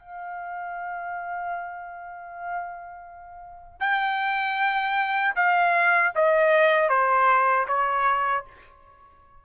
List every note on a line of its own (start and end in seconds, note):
0.00 3.81 F5
3.81 5.35 G5
5.36 6.13 F5
6.16 6.90 D#5
6.90 7.67 C5
7.68 8.45 C#5